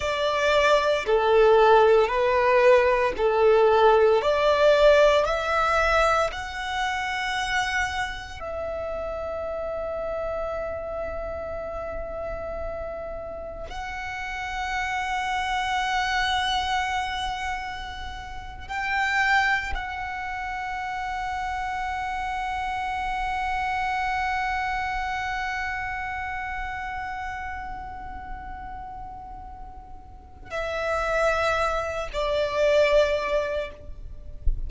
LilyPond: \new Staff \with { instrumentName = "violin" } { \time 4/4 \tempo 4 = 57 d''4 a'4 b'4 a'4 | d''4 e''4 fis''2 | e''1~ | e''4 fis''2.~ |
fis''4.~ fis''16 g''4 fis''4~ fis''16~ | fis''1~ | fis''1~ | fis''4 e''4. d''4. | }